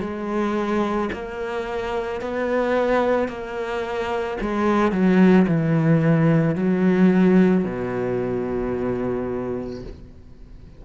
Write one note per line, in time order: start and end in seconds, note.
0.00 1.09 G#3
1.13 2.21 A#3
2.21 3.28 B3
3.28 4.37 A#3
4.41 4.92 G#3
4.92 5.46 F#3
5.47 6.56 E3
6.56 7.65 F#3
7.65 9.83 B2